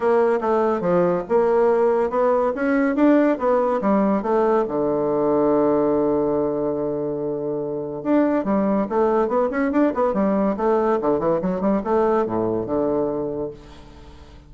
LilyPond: \new Staff \with { instrumentName = "bassoon" } { \time 4/4 \tempo 4 = 142 ais4 a4 f4 ais4~ | ais4 b4 cis'4 d'4 | b4 g4 a4 d4~ | d1~ |
d2. d'4 | g4 a4 b8 cis'8 d'8 b8 | g4 a4 d8 e8 fis8 g8 | a4 a,4 d2 | }